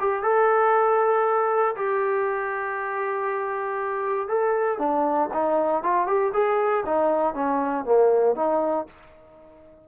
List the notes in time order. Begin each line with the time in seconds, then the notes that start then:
0.00 G4
0.23 A4
1.76 G4
4.29 A4
4.79 D4
5.33 D#4
5.83 F4
6.07 G4
6.34 G#4
6.86 D#4
7.34 C#4
7.85 A#3
8.36 D#4